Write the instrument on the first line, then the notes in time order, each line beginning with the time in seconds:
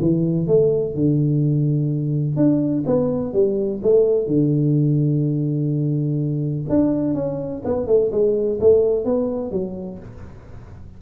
tuba
0.00 E3
0.47 A3
0.94 D3
2.36 D4
2.86 B3
3.33 G3
3.82 A3
4.26 D3
6.69 D4
7.14 C#4
7.64 B3
7.86 A3
8.11 G#3
8.60 A3
9.05 B3
9.51 F#3